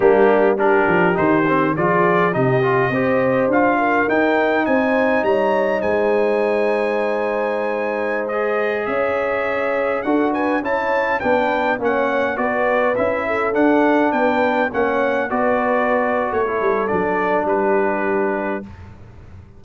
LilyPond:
<<
  \new Staff \with { instrumentName = "trumpet" } { \time 4/4 \tempo 4 = 103 g'4 ais'4 c''4 d''4 | dis''2 f''4 g''4 | gis''4 ais''4 gis''2~ | gis''2~ gis''16 dis''4 e''8.~ |
e''4~ e''16 fis''8 gis''8 a''4 g''8.~ | g''16 fis''4 d''4 e''4 fis''8.~ | fis''16 g''4 fis''4 d''4.~ d''16 | cis''4 d''4 b'2 | }
  \new Staff \with { instrumentName = "horn" } { \time 4/4 d'4 g'2 gis'4 | g'4 c''4. ais'4. | c''4 cis''4 c''2~ | c''2.~ c''16 cis''8.~ |
cis''4~ cis''16 a'8 b'8 cis''4 b'8.~ | b'16 cis''4 b'4. a'4~ a'16~ | a'16 b'4 cis''4 b'4.~ b'16 | a'2 g'2 | }
  \new Staff \with { instrumentName = "trombone" } { \time 4/4 ais4 d'4 dis'8 c'8 f'4 | dis'8 f'8 g'4 f'4 dis'4~ | dis'1~ | dis'2~ dis'16 gis'4.~ gis'16~ |
gis'4~ gis'16 fis'4 e'4 d'8.~ | d'16 cis'4 fis'4 e'4 d'8.~ | d'4~ d'16 cis'4 fis'4.~ fis'16~ | fis'16 e'8. d'2. | }
  \new Staff \with { instrumentName = "tuba" } { \time 4/4 g4. f8 dis4 f4 | c4 c'4 d'4 dis'4 | c'4 g4 gis2~ | gis2.~ gis16 cis'8.~ |
cis'4~ cis'16 d'4 cis'4 b8.~ | b16 ais4 b4 cis'4 d'8.~ | d'16 b4 ais4 b4.~ b16 | a8 g8 fis4 g2 | }
>>